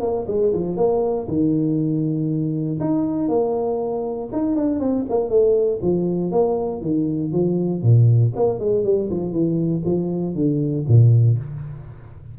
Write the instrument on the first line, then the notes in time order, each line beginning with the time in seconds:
tuba
0.00 A#3
0.27 G#3
0.53 F3
0.76 A#3
1.27 D#3
2.80 D#4
3.28 A#3
4.32 D#4
4.56 D4
4.79 C4
5.09 A#3
5.29 A3
5.82 F3
6.31 A#3
6.81 D#3
7.32 F3
7.82 A#2
8.35 A#3
8.59 G#3
8.84 G3
9.10 F3
9.32 E3
9.85 F3
10.35 D3
10.87 A#2